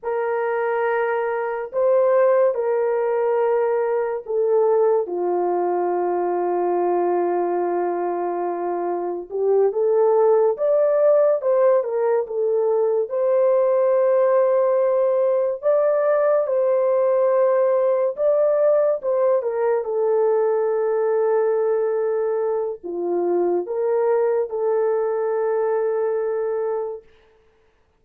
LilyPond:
\new Staff \with { instrumentName = "horn" } { \time 4/4 \tempo 4 = 71 ais'2 c''4 ais'4~ | ais'4 a'4 f'2~ | f'2. g'8 a'8~ | a'8 d''4 c''8 ais'8 a'4 c''8~ |
c''2~ c''8 d''4 c''8~ | c''4. d''4 c''8 ais'8 a'8~ | a'2. f'4 | ais'4 a'2. | }